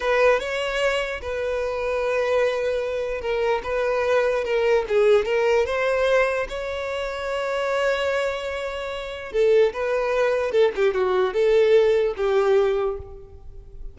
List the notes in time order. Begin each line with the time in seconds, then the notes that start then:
0.00 B4
0.39 C#5
1.21 B4
3.21 A#4
3.63 B4
4.44 A#4
4.88 G#4
5.25 A#4
5.66 C5
6.48 C#5
9.32 A4
9.73 B4
10.51 A4
10.75 G4
10.94 F#4
11.33 A4
12.16 G4